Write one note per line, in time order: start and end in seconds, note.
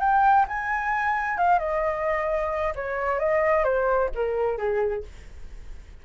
0.00 0.46 G5
0.48 1.38 G#5
1.38 1.59 F5
1.59 2.73 D#5
2.75 3.19 C#5
3.19 3.64 D#5
3.64 4.10 C5
4.15 4.57 A#4
4.57 5.03 G#4